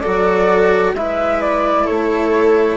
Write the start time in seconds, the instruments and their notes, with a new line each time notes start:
0.00 bassoon F#3, cello F#4, viola A4, flute D5
0.93 bassoon G#3, cello E4, viola B4, flute E5
1.41 flute D5
1.84 bassoon A3, viola A4, flute C#5